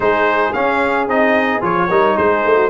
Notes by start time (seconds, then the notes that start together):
0.00 G#3 D#4 G#4 C5
0.53 C#4 F5
1.07 C4 D#4 D#5
1.61 F3 F4 C#5
1.89 G3 D#4 A#4
2.16 G#3 G#4 C5
2.44 A3
2.56 F#4